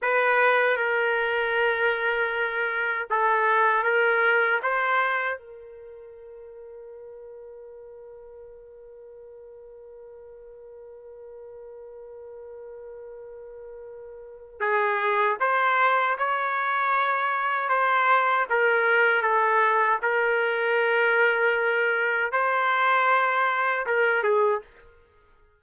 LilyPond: \new Staff \with { instrumentName = "trumpet" } { \time 4/4 \tempo 4 = 78 b'4 ais'2. | a'4 ais'4 c''4 ais'4~ | ais'1~ | ais'1~ |
ais'2. gis'4 | c''4 cis''2 c''4 | ais'4 a'4 ais'2~ | ais'4 c''2 ais'8 gis'8 | }